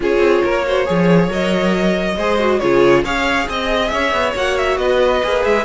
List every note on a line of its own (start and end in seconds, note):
0.00 0.18 C#4
0.00 0.64 F4
0.00 0.44 G#4
0.00 1.32 C#5
0.18 0.40 C4
0.44 0.88 A#3
0.44 0.65 A#4
0.67 0.86 F#4
0.67 0.87 C5
0.86 1.28 F3
0.86 1.29 G#4
0.86 2.16 C#5
1.28 2.15 F#3
1.28 2.16 A#4
1.28 2.59 D#5
2.16 2.60 G#3
2.16 2.39 G#4
2.16 2.60 C5
2.39 2.60 F#4
2.59 3.04 C#3
2.59 3.05 F4
2.59 3.03 G#4
2.59 3.02 C#5
3.03 3.47 C#4
3.03 4.35 G#4
3.03 3.47 C#5
3.03 3.48 F5
3.48 3.91 C4
3.48 3.92 D#5
3.48 3.88 D#5
3.88 4.12 C#4
3.88 4.79 C#5
3.88 4.31 E5
4.12 4.34 B3
4.35 4.77 A#3
4.35 5.22 F#4
4.35 4.57 F#5
4.57 4.77 E5
4.77 5.21 B3
4.77 5.64 B4
4.77 5.42 D#5
5.22 5.45 A#3
5.22 5.64 G#4
5.44 5.64 G#3
5.44 5.64 E5